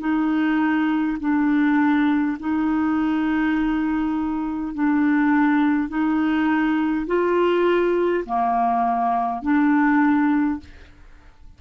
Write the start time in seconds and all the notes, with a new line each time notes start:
0.00 D#4
1.20 D4
2.40 D#4
4.75 D4
5.89 D#4
7.07 F4
8.26 A#3
9.43 D4